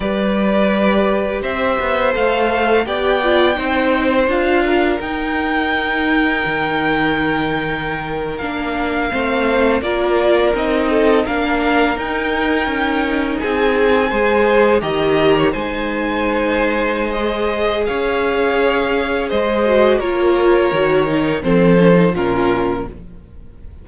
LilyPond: <<
  \new Staff \with { instrumentName = "violin" } { \time 4/4 \tempo 4 = 84 d''2 e''4 f''4 | g''2 f''4 g''4~ | g''2.~ g''8. f''16~ | f''4.~ f''16 d''4 dis''4 f''16~ |
f''8. g''2 gis''4~ gis''16~ | gis''8. ais''4 gis''2~ gis''16 | dis''4 f''2 dis''4 | cis''2 c''4 ais'4 | }
  \new Staff \with { instrumentName = "violin" } { \time 4/4 b'2 c''2 | d''4 c''4. ais'4.~ | ais'1~ | ais'8. c''4 ais'4. a'8 ais'16~ |
ais'2~ ais'8. gis'4 c''16~ | c''8. dis''8. cis''16 c''2~ c''16~ | c''4 cis''2 c''4 | ais'2 a'4 f'4 | }
  \new Staff \with { instrumentName = "viola" } { \time 4/4 g'2. a'4 | g'8 f'8 dis'4 f'4 dis'4~ | dis'2.~ dis'8. d'16~ | d'8. c'4 f'4 dis'4 d'16~ |
d'8. dis'2. gis'16~ | gis'8. g'4 dis'2~ dis'16 | gis'2.~ gis'8 fis'8 | f'4 fis'8 dis'8 c'8 cis'16 dis'16 cis'4 | }
  \new Staff \with { instrumentName = "cello" } { \time 4/4 g2 c'8 b8 a4 | b4 c'4 d'4 dis'4~ | dis'4 dis2~ dis8. ais16~ | ais8. a4 ais4 c'4 ais16~ |
ais8. dis'4 cis'4 c'4 gis16~ | gis8. dis4 gis2~ gis16~ | gis4 cis'2 gis4 | ais4 dis4 f4 ais,4 | }
>>